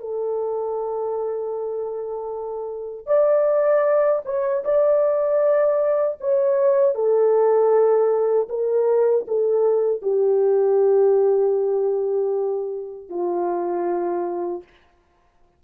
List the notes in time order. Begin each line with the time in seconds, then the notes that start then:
0.00 A4
3.07 D5
4.26 C#5
4.64 D5
6.20 C#5
6.95 A4
8.49 A#4
9.28 A4
10.02 G4
13.09 F4